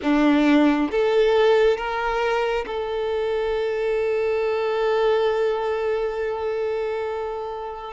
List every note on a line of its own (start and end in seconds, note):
0.02 0.90 D4
0.91 1.76 A4
1.76 2.65 A#4
2.66 7.93 A4